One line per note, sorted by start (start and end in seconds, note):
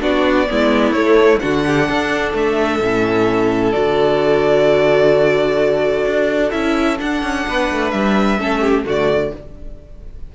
0.00 0.47 B3
0.00 0.47 D4
0.00 0.47 F#4
0.00 0.92 D5
0.48 0.91 G#3
0.48 0.94 B3
0.48 1.41 E4
0.91 1.38 A3
0.91 1.40 A3
0.91 1.39 C#5
1.39 1.89 D3
1.39 2.81 D4
1.39 1.64 F#4
1.39 2.32 F#5
1.66 1.88 G4
1.88 2.33 D4
1.88 7.46 A4
2.33 2.80 A3
2.33 3.72 E5
2.80 3.73 A2
2.80 3.73 C#4
3.72 6.05 D3
3.72 6.51 F#4
3.72 6.51 D5
6.05 6.52 D4
6.51 6.99 C#4
6.51 6.97 E4
6.51 6.97 E5
6.98 8.37 D4
6.98 7.22 D4
6.98 7.91 F#5
7.22 7.46 C#4
7.47 7.70 B3
7.47 8.40 B4
7.71 7.92 A3
7.91 8.38 G3
7.91 8.84 E5
8.38 8.85 A3
8.38 8.84 C#4
8.38 8.60 A4
8.60 8.84 G4
8.85 9.31 D3
8.85 9.32 A3
8.85 9.32 F#4
8.85 9.35 D5